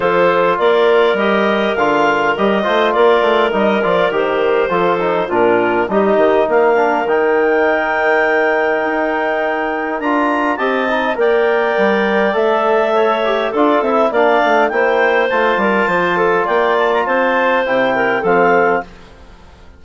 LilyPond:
<<
  \new Staff \with { instrumentName = "clarinet" } { \time 4/4 \tempo 4 = 102 c''4 d''4 dis''4 f''4 | dis''4 d''4 dis''8 d''8 c''4~ | c''4 ais'4 dis''4 f''4 | g''1~ |
g''4 ais''4 a''4 g''4~ | g''4 e''2 d''8 e''8 | f''4 g''4 a''2 | g''8 a''16 ais''16 a''4 g''4 f''4 | }
  \new Staff \with { instrumentName = "clarinet" } { \time 4/4 a'4 ais'2.~ | ais'8 c''8 ais'2. | a'4 f'4 g'4 ais'4~ | ais'1~ |
ais'2 dis''4 d''4~ | d''2 cis''4 a'4 | d''4 c''4. ais'8 c''8 a'8 | d''4 c''4. ais'8 a'4 | }
  \new Staff \with { instrumentName = "trombone" } { \time 4/4 f'2 g'4 f'4 | g'8 f'4. dis'8 f'8 g'4 | f'8 dis'8 d'4 dis'4. d'8 | dis'1~ |
dis'4 f'4 g'8 dis'8 ais'4~ | ais'4 a'4. g'8 f'8 e'8 | d'4 e'4 f'2~ | f'2 e'4 c'4 | }
  \new Staff \with { instrumentName = "bassoon" } { \time 4/4 f4 ais4 g4 d4 | g8 a8 ais8 a8 g8 f8 dis4 | f4 ais,4 g8 dis8 ais4 | dis2. dis'4~ |
dis'4 d'4 c'4 ais4 | g4 a2 d'8 c'8 | ais8 a8 ais4 a8 g8 f4 | ais4 c'4 c4 f4 | }
>>